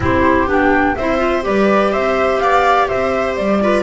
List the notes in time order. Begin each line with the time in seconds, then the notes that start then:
0.00 C4 E4 G4 C5
0.47 B3 D4 G5
0.95 C4 E4 C5 E5
1.17 F4
1.41 G3 G4 B4 D5
1.92 C4 C5 E5
2.39 B3 D5 F5
2.87 C4 C5 E5
3.35 G3 D5
3.61 F4 B4